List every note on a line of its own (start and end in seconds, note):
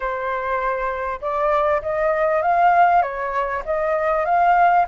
0.00 1.20 C5
1.21 1.81 D5
1.82 2.42 D#5
2.42 3.02 F5
3.02 3.62 C#5
3.65 4.25 D#5
4.25 4.86 F5